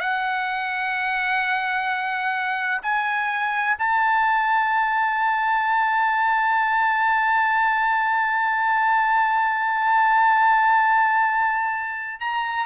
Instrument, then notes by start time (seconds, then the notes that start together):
trumpet
0.00 F#5
2.82 G#5
3.78 A5
12.20 A#5